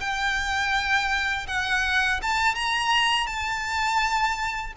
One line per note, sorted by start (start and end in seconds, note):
0.00 1.46 G5
1.47 2.21 F#5
2.22 2.55 A5
2.55 3.26 A#5
3.26 4.73 A5